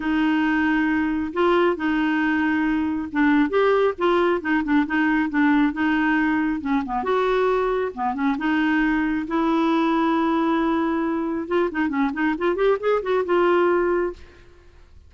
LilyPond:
\new Staff \with { instrumentName = "clarinet" } { \time 4/4 \tempo 4 = 136 dis'2. f'4 | dis'2. d'4 | g'4 f'4 dis'8 d'8 dis'4 | d'4 dis'2 cis'8 b8 |
fis'2 b8 cis'8 dis'4~ | dis'4 e'2.~ | e'2 f'8 dis'8 cis'8 dis'8 | f'8 g'8 gis'8 fis'8 f'2 | }